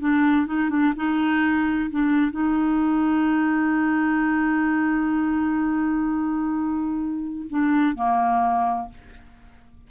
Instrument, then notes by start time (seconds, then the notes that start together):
clarinet
0.00 D4
0.47 D#4
0.70 D4
0.96 D#4
1.91 D4
2.32 D#4
7.50 D4
7.95 A#3